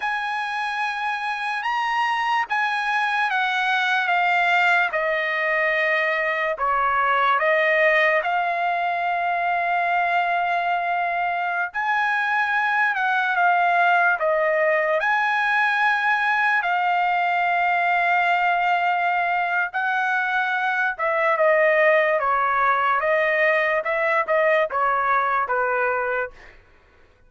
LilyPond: \new Staff \with { instrumentName = "trumpet" } { \time 4/4 \tempo 4 = 73 gis''2 ais''4 gis''4 | fis''4 f''4 dis''2 | cis''4 dis''4 f''2~ | f''2~ f''16 gis''4. fis''16~ |
fis''16 f''4 dis''4 gis''4.~ gis''16~ | gis''16 f''2.~ f''8. | fis''4. e''8 dis''4 cis''4 | dis''4 e''8 dis''8 cis''4 b'4 | }